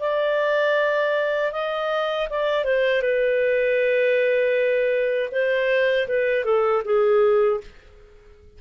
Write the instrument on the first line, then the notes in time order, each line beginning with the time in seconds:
clarinet
0.00 D5
1.52 D#5
2.30 D5
2.64 C5
3.02 B4
5.31 C5
6.08 B4
6.45 A4
6.84 G#4